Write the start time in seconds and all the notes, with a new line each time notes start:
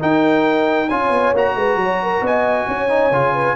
0.00 D#4 A#4 G5
0.89 C#4 F4 C#5 G#5
1.10 B3
1.34 A#3 F#4 A#5
1.55 G#3 B4
1.77 F#3
1.84 C#5
2.03 A#4
2.22 B3 D#5 G#5
2.68 C#4 C#5
2.90 D#4
3.11 C#3 F4
3.34 B4